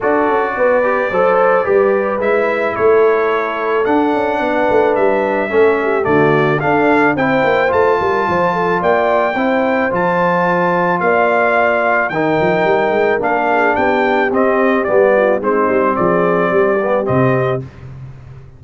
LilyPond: <<
  \new Staff \with { instrumentName = "trumpet" } { \time 4/4 \tempo 4 = 109 d''1 | e''4 cis''2 fis''4~ | fis''4 e''2 d''4 | f''4 g''4 a''2 |
g''2 a''2 | f''2 g''2 | f''4 g''4 dis''4 d''4 | c''4 d''2 dis''4 | }
  \new Staff \with { instrumentName = "horn" } { \time 4/4 a'4 b'4 c''4 b'4~ | b'4 a'2. | b'2 a'8 g'8 fis'4 | a'4 c''4. ais'8 c''8 a'8 |
d''4 c''2. | d''2 ais'2~ | ais'8 gis'8 g'2~ g'8 f'8 | dis'4 gis'4 g'2 | }
  \new Staff \with { instrumentName = "trombone" } { \time 4/4 fis'4. g'8 a'4 g'4 | e'2. d'4~ | d'2 cis'4 a4 | d'4 e'4 f'2~ |
f'4 e'4 f'2~ | f'2 dis'2 | d'2 c'4 b4 | c'2~ c'8 b8 c'4 | }
  \new Staff \with { instrumentName = "tuba" } { \time 4/4 d'8 cis'8 b4 fis4 g4 | gis4 a2 d'8 cis'8 | b8 a8 g4 a4 d4 | d'4 c'8 ais8 a8 g8 f4 |
ais4 c'4 f2 | ais2 dis8 f8 g8 gis8 | ais4 b4 c'4 g4 | gis8 g8 f4 g4 c4 | }
>>